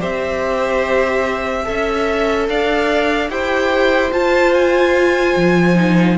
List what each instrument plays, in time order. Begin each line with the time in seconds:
0.00 cello C4, viola G4, violin C5 E5
1.64 cello C#4, viola A4, violin E5
2.48 cello D4, violin D5 F5
3.30 cello E4, viola G4, violin C5 G5
4.12 viola F4, cello F4, violin A5
4.54 violin G#5
5.36 cello F3
5.76 viola D#4